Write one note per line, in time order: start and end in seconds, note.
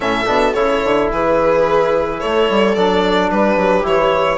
0.00 0.27 A2
0.00 0.25 C#4
0.00 1.08 A4
0.00 0.53 E5
0.26 0.54 B2
0.26 0.53 D4
0.53 0.82 C#3
0.53 2.75 E4
0.53 1.08 C#5
0.84 1.11 D3
1.12 2.22 E3
1.12 2.20 G#4
1.12 2.19 B4
2.19 2.49 A3
2.19 3.30 A4
2.19 2.75 C#5
2.49 2.76 G3
2.75 3.31 F#3
2.75 3.82 D4
2.75 3.30 D5
3.30 3.56 G3
3.30 4.38 G4
3.30 3.85 B4
3.56 3.83 F#3
3.82 4.38 E3
3.82 4.37 E4
3.82 4.38 C#5